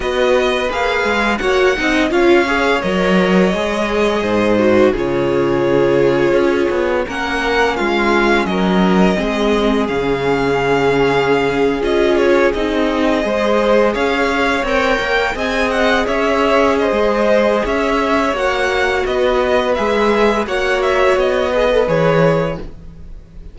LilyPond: <<
  \new Staff \with { instrumentName = "violin" } { \time 4/4 \tempo 4 = 85 dis''4 f''4 fis''4 f''4 | dis''2. cis''4~ | cis''2 fis''4 f''4 | dis''2 f''2~ |
f''8. dis''8 cis''8 dis''2 f''16~ | f''8. g''4 gis''8 fis''8 e''4 dis''16~ | dis''4 e''4 fis''4 dis''4 | e''4 fis''8 e''8 dis''4 cis''4 | }
  \new Staff \with { instrumentName = "violin" } { \time 4/4 b'2 cis''8 dis''8 cis''4~ | cis''2 c''4 gis'4~ | gis'2 ais'4 f'4 | ais'4 gis'2.~ |
gis'2~ gis'8. c''4 cis''16~ | cis''4.~ cis''16 dis''4 cis''4 c''16~ | c''4 cis''2 b'4~ | b'4 cis''4. b'4. | }
  \new Staff \with { instrumentName = "viola" } { \time 4/4 fis'4 gis'4 fis'8 dis'8 f'8 gis'8 | ais'4 gis'4. fis'8 f'4~ | f'2 cis'2~ | cis'4 c'4 cis'2~ |
cis'8. f'4 dis'4 gis'4~ gis'16~ | gis'8. ais'4 gis'2~ gis'16~ | gis'2 fis'2 | gis'4 fis'4. gis'16 a'16 gis'4 | }
  \new Staff \with { instrumentName = "cello" } { \time 4/4 b4 ais8 gis8 ais8 c'8 cis'4 | fis4 gis4 gis,4 cis4~ | cis4 cis'8 b8 ais4 gis4 | fis4 gis4 cis2~ |
cis8. cis'4 c'4 gis4 cis'16~ | cis'8. c'8 ais8 c'4 cis'4~ cis'16 | gis4 cis'4 ais4 b4 | gis4 ais4 b4 e4 | }
>>